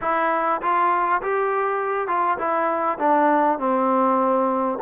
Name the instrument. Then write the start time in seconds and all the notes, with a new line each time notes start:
trombone
0.01 E4
0.61 F4
1.22 G4
2.07 F4
2.38 E4
2.98 D4
3.58 C4